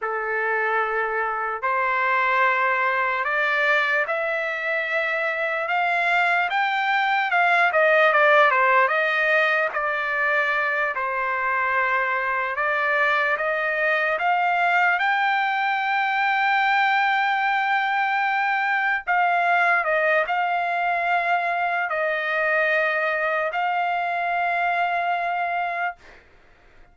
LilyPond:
\new Staff \with { instrumentName = "trumpet" } { \time 4/4 \tempo 4 = 74 a'2 c''2 | d''4 e''2 f''4 | g''4 f''8 dis''8 d''8 c''8 dis''4 | d''4. c''2 d''8~ |
d''8 dis''4 f''4 g''4.~ | g''2.~ g''8 f''8~ | f''8 dis''8 f''2 dis''4~ | dis''4 f''2. | }